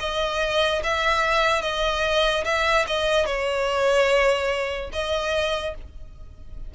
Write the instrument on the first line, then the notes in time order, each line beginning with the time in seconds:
violin
0.00 D#5
0.83 E5
1.62 D#5
2.45 E5
2.87 D#5
3.26 C#5
4.92 D#5